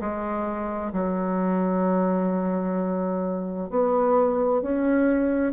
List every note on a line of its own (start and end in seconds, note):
0.00 0.92 G#3
0.93 3.70 F#3
3.70 4.62 B3
4.62 5.53 C#4